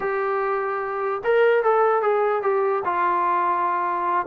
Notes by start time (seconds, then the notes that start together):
0.00 G4
1.24 A#4
1.63 A4
2.02 G#4
2.42 G4
2.85 F4